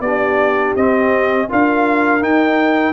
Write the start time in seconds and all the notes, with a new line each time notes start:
0.00 B3 D4 G4 D5
0.76 C4 D#5
1.49 D4 F4 A#4 F5
2.21 D#4 G5